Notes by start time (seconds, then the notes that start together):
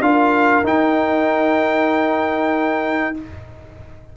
0.00 D4 F4 A#4 F5
0.63 D#4 G5